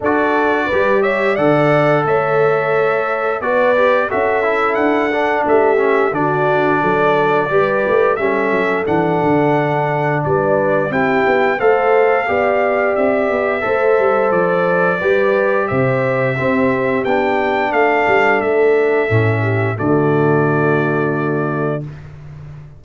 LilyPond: <<
  \new Staff \with { instrumentName = "trumpet" } { \time 4/4 \tempo 4 = 88 d''4. e''8 fis''4 e''4~ | e''4 d''4 e''4 fis''4 | e''4 d''2. | e''4 fis''2 d''4 |
g''4 f''2 e''4~ | e''4 d''2 e''4~ | e''4 g''4 f''4 e''4~ | e''4 d''2. | }
  \new Staff \with { instrumentName = "horn" } { \time 4/4 a'4 b'8 cis''8 d''4 cis''4~ | cis''4 b'4 a'2 | g'4 fis'4 a'4 b'4 | a'2. b'4 |
g'4 c''4 d''2 | c''2 b'4 c''4 | g'2 a'2~ | a'8 g'8 fis'2. | }
  \new Staff \with { instrumentName = "trombone" } { \time 4/4 fis'4 g'4 a'2~ | a'4 fis'8 g'8 fis'8 e'4 d'8~ | d'8 cis'8 d'2 g'4 | cis'4 d'2. |
e'4 a'4 g'2 | a'2 g'2 | c'4 d'2. | cis'4 a2. | }
  \new Staff \with { instrumentName = "tuba" } { \time 4/4 d'4 g4 d4 a4~ | a4 b4 cis'4 d'4 | a4 d4 fis4 g8 a8 | g8 fis8 e8 d4. g4 |
c'8 b8 a4 b4 c'8 b8 | a8 g8 f4 g4 c4 | c'4 b4 a8 g8 a4 | a,4 d2. | }
>>